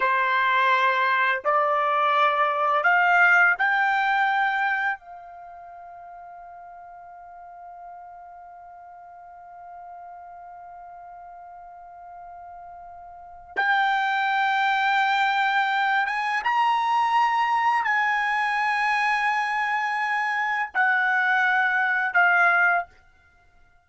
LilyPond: \new Staff \with { instrumentName = "trumpet" } { \time 4/4 \tempo 4 = 84 c''2 d''2 | f''4 g''2 f''4~ | f''1~ | f''1~ |
f''2. g''4~ | g''2~ g''8 gis''8 ais''4~ | ais''4 gis''2.~ | gis''4 fis''2 f''4 | }